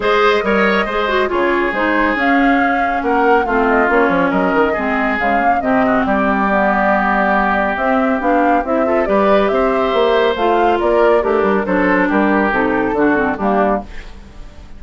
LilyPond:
<<
  \new Staff \with { instrumentName = "flute" } { \time 4/4 \tempo 4 = 139 dis''2. cis''4 | c''4 f''2 fis''4 | f''8 dis''8 cis''4 dis''2 | f''4 dis''4 d''2~ |
d''2 e''4 f''4 | e''4 d''4 e''2 | f''4 d''4 ais'4 c''4 | ais'4 a'2 g'4 | }
  \new Staff \with { instrumentName = "oboe" } { \time 4/4 c''4 cis''4 c''4 gis'4~ | gis'2. ais'4 | f'2 ais'4 gis'4~ | gis'4 g'8 fis'8 g'2~ |
g'1~ | g'8 a'8 b'4 c''2~ | c''4 ais'4 d'4 a'4 | g'2 fis'4 d'4 | }
  \new Staff \with { instrumentName = "clarinet" } { \time 4/4 gis'4 ais'4 gis'8 fis'8 f'4 | dis'4 cis'2. | c'4 cis'2 c'4 | gis8 ais8 c'2 b4~ |
b2 c'4 d'4 | e'8 f'8 g'2. | f'2 g'4 d'4~ | d'4 dis'4 d'8 c'8 ais4 | }
  \new Staff \with { instrumentName = "bassoon" } { \time 4/4 gis4 g4 gis4 cis4 | gis4 cis'2 ais4 | a4 ais8 f8 fis8 dis8 gis4 | cis4 c4 g2~ |
g2 c'4 b4 | c'4 g4 c'4 ais4 | a4 ais4 a8 g8 fis4 | g4 c4 d4 g4 | }
>>